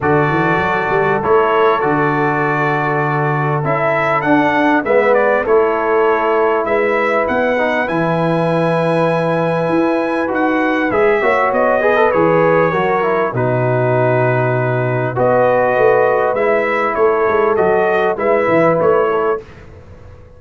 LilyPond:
<<
  \new Staff \with { instrumentName = "trumpet" } { \time 4/4 \tempo 4 = 99 d''2 cis''4 d''4~ | d''2 e''4 fis''4 | e''8 d''8 cis''2 e''4 | fis''4 gis''2.~ |
gis''4 fis''4 e''4 dis''4 | cis''2 b'2~ | b'4 dis''2 e''4 | cis''4 dis''4 e''4 cis''4 | }
  \new Staff \with { instrumentName = "horn" } { \time 4/4 a'1~ | a'1 | b'4 a'2 b'4~ | b'1~ |
b'2~ b'8 cis''4 b'8~ | b'4 ais'4 fis'2~ | fis'4 b'2. | a'2 b'4. a'8 | }
  \new Staff \with { instrumentName = "trombone" } { \time 4/4 fis'2 e'4 fis'4~ | fis'2 e'4 d'4 | b4 e'2.~ | e'8 dis'8 e'2.~ |
e'4 fis'4 gis'8 fis'4 gis'16 a'16 | gis'4 fis'8 e'8 dis'2~ | dis'4 fis'2 e'4~ | e'4 fis'4 e'2 | }
  \new Staff \with { instrumentName = "tuba" } { \time 4/4 d8 e8 fis8 g8 a4 d4~ | d2 cis'4 d'4 | gis4 a2 gis4 | b4 e2. |
e'4 dis'4 gis8 ais8 b4 | e4 fis4 b,2~ | b,4 b4 a4 gis4 | a8 gis8 fis4 gis8 e8 a4 | }
>>